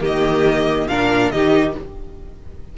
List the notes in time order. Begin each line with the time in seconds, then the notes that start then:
0.00 D#3 A#3 G4 D#5
0.87 A#2 D4 A#4 F5
1.31 D#3 D#4 G4 D#5